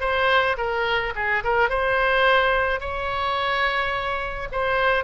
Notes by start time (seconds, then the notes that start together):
0.00 C5
0.57 A#4
1.15 G#4
1.43 A#4
1.69 C5
2.80 C#5
4.51 C5